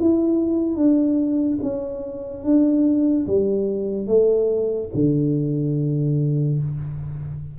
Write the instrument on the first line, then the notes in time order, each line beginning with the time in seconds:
tuba
0.00 E4
0.76 D4
1.63 C#4
2.44 D4
3.27 G3
4.07 A3
4.94 D3